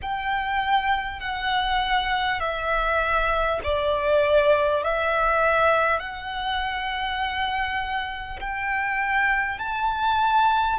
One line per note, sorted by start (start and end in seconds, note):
0.02 1.19 G5
1.19 2.39 F#5
2.40 3.60 E5
3.63 4.83 D5
4.83 5.99 E5
5.99 8.39 F#5
8.39 9.58 G5
9.58 10.78 A5